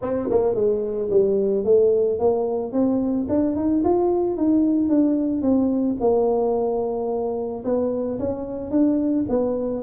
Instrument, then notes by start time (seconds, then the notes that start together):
tuba
0.02 C4
0.30 A#3
0.54 G#3
1.10 G3
1.64 A3
2.19 A#3
2.72 C4
3.28 D4
3.56 D#4
3.84 F4
4.36 D#4
4.89 D4
5.41 C4
6.00 A#3
7.64 B3
8.19 C#4
8.70 D4
9.29 B3